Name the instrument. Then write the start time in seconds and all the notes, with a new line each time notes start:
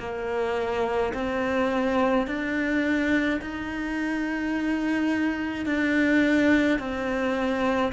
cello
0.00 A#3
1.14 C4
2.27 D4
3.42 D#4
5.66 D4
6.79 C4